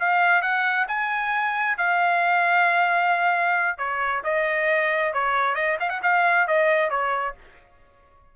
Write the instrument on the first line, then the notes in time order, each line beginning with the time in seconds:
trumpet
0.00 F5
0.42 F#5
0.88 G#5
1.78 F5
3.78 C#5
4.24 D#5
5.14 C#5
5.55 D#5
5.80 F5
5.90 F#5
6.03 F5
6.48 D#5
6.91 C#5